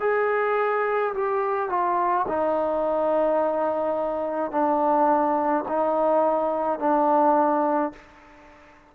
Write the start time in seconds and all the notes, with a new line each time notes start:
0.00 G#4
1.14 G4
1.69 F4
2.28 D#4
4.51 D4
5.68 D#4
6.79 D4